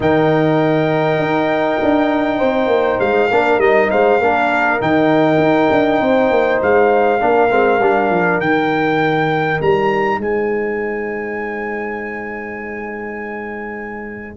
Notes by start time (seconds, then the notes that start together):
0.00 D#3 D#4 A#4 G5
1.18 D#4
1.82 D4
2.37 C4 C5
2.66 A#3
3.00 G#3 F5
3.31 A#3 D4 A#4
3.58 G3 D#4 D#5
3.90 G#3 C5 F5
4.18 A#3 D4 A#4
4.79 D#3 D#4 G5
5.37 D#4
5.70 D4
6.00 C4 C5
6.30 A#3
6.62 G#3 F5
7.19 A#3 D4 A#4
7.50 G#3 C4
7.79 G3 D4
8.10 F3
8.39 D#3 D#4 G5
9.61 G3 A#5
10.18 G#3 C5 G#5